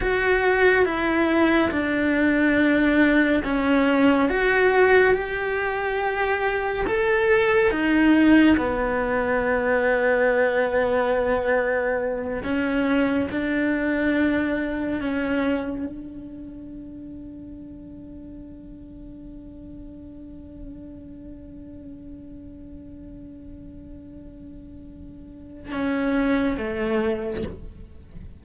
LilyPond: \new Staff \with { instrumentName = "cello" } { \time 4/4 \tempo 4 = 70 fis'4 e'4 d'2 | cis'4 fis'4 g'2 | a'4 dis'4 b2~ | b2~ b8 cis'4 d'8~ |
d'4. cis'4 d'4.~ | d'1~ | d'1~ | d'2 cis'4 a4 | }